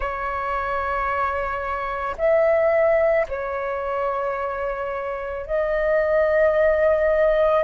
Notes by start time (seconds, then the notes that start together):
0.00 C#5
2.17 E5
3.28 C#5
5.46 D#5